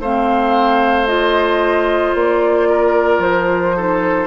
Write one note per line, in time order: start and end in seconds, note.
0.00 2.14 A3
0.00 1.08 C4
0.00 2.69 C5
0.00 1.07 F5
1.07 3.75 F4
1.07 2.15 D#5
2.15 3.19 A#3
2.15 3.22 D5
2.70 3.77 A#4
3.19 4.26 F3
3.19 4.27 C5
3.76 4.27 D#4
3.76 4.27 A4